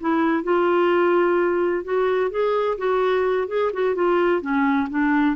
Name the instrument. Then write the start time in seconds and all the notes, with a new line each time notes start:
clarinet
0.00 E4
0.43 F4
1.84 F#4
2.31 G#4
2.78 F#4
3.48 G#4
3.73 F#4
3.95 F4
4.41 C#4
4.90 D4